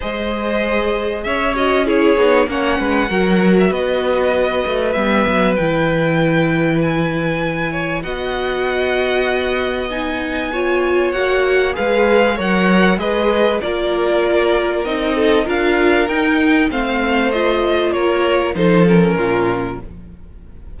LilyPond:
<<
  \new Staff \with { instrumentName = "violin" } { \time 4/4 \tempo 4 = 97 dis''2 e''8 dis''8 cis''4 | fis''4.~ fis''16 e''16 dis''2 | e''4 g''2 gis''4~ | gis''4 fis''2. |
gis''2 fis''4 f''4 | fis''4 dis''4 d''2 | dis''4 f''4 g''4 f''4 | dis''4 cis''4 c''8 ais'4. | }
  \new Staff \with { instrumentName = "violin" } { \time 4/4 c''2 cis''4 gis'4 | cis''8 b'8 ais'4 b'2~ | b'1~ | b'8 cis''8 dis''2.~ |
dis''4 cis''2 b'4 | cis''4 b'4 ais'2~ | ais'8 a'8 ais'2 c''4~ | c''4 ais'4 a'4 f'4 | }
  \new Staff \with { instrumentName = "viola" } { \time 4/4 gis'2~ gis'8 fis'8 e'8 dis'8 | cis'4 fis'2. | b4 e'2.~ | e'4 fis'2. |
dis'4 f'4 fis'4 gis'4 | ais'4 gis'4 f'2 | dis'4 f'4 dis'4 c'4 | f'2 dis'8 cis'4. | }
  \new Staff \with { instrumentName = "cello" } { \time 4/4 gis2 cis'4. b8 | ais8 gis8 fis4 b4. a8 | g8 fis8 e2.~ | e4 b2.~ |
b2 ais4 gis4 | fis4 gis4 ais2 | c'4 d'4 dis'4 a4~ | a4 ais4 f4 ais,4 | }
>>